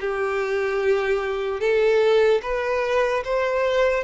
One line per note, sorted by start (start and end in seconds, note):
0.00 1.60 G4
1.60 2.41 A4
2.42 3.23 B4
3.24 4.04 C5